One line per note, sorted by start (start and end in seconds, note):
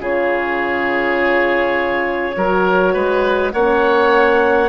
0.00 2.35 C#3
0.00 2.36 F4
0.00 2.36 G#4
0.00 3.53 C#5
2.37 2.95 F#3
2.37 3.54 F#4
2.37 2.94 A#4
2.94 3.54 G#3
2.94 3.53 B4
3.53 4.70 A#3
3.53 4.70 C#4
3.53 4.70 C#5
3.53 4.70 F#5